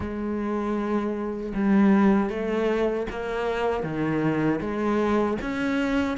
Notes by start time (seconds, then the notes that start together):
0.00 G#3
1.54 G3
2.29 A3
3.10 A#3
3.83 D#3
4.60 G#3
5.41 C#4